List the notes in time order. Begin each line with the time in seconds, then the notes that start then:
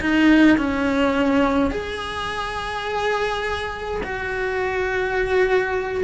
0.00 D#4
0.57 C#4
1.70 G#4
4.03 F#4